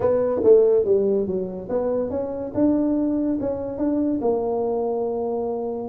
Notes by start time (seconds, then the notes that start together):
0.00 B3
0.43 A3
0.84 G3
1.26 F#3
1.69 B3
2.10 C#4
2.54 D4
3.40 C#4
3.78 D4
4.21 A#3